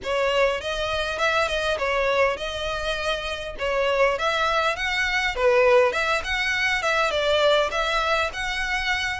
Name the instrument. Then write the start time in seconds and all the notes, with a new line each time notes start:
violin
0.03 C#5
0.60 D#5
1.18 E5
1.48 D#5
1.78 C#5
2.37 D#5
3.58 C#5
4.18 E5
4.76 F#5
5.35 B4
5.92 E5
6.24 F#5
6.82 E5
7.10 D5
7.71 E5
8.33 F#5